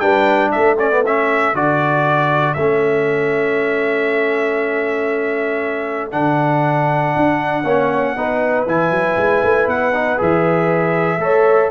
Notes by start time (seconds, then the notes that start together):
0.00 G3 D4 B4 G5
0.51 A3 A4 E5
0.79 C#4 D5
0.91 B3
1.06 C#4 E5
1.54 D3 F#4 D5
2.54 A3 C#4 E5
6.12 D3 D4 F#5
7.16 D4
7.64 A#3 C#4 C#5
8.16 B3 D#4 B4
8.66 E3 E4 G#5
8.91 F#3
9.17 G#3
9.43 A3
9.67 B3 F#5
9.93 D#4
10.17 E3 G#4 E5
11.18 A3 A4 C#5